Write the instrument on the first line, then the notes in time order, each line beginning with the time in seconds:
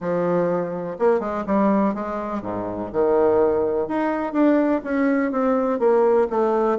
bassoon
0.00 F3
0.99 A#3
1.20 G#3
1.46 G3
1.94 G#3
2.42 G#2
2.92 D#3
3.88 D#4
4.32 D4
4.84 C#4
5.31 C4
5.79 A#3
6.29 A3